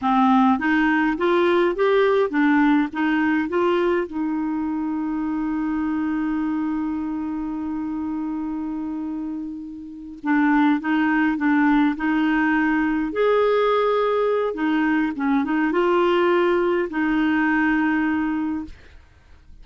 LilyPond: \new Staff \with { instrumentName = "clarinet" } { \time 4/4 \tempo 4 = 103 c'4 dis'4 f'4 g'4 | d'4 dis'4 f'4 dis'4~ | dis'1~ | dis'1~ |
dis'4. d'4 dis'4 d'8~ | d'8 dis'2 gis'4.~ | gis'4 dis'4 cis'8 dis'8 f'4~ | f'4 dis'2. | }